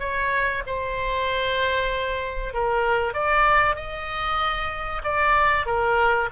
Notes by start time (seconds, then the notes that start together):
0.00 C#5
0.67 C5
2.54 A#4
3.14 D5
3.76 D#5
5.04 D5
5.67 A#4